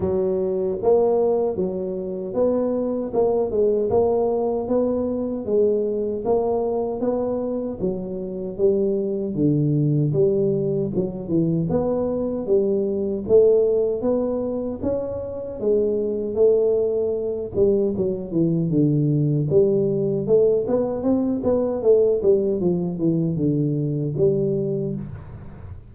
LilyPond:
\new Staff \with { instrumentName = "tuba" } { \time 4/4 \tempo 4 = 77 fis4 ais4 fis4 b4 | ais8 gis8 ais4 b4 gis4 | ais4 b4 fis4 g4 | d4 g4 fis8 e8 b4 |
g4 a4 b4 cis'4 | gis4 a4. g8 fis8 e8 | d4 g4 a8 b8 c'8 b8 | a8 g8 f8 e8 d4 g4 | }